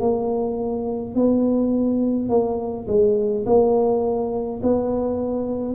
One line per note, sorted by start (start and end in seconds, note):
0.00 1.15 A#3
1.15 2.29 B3
2.29 2.87 A#3
2.87 3.45 G#3
3.46 4.61 A#3
4.63 5.75 B3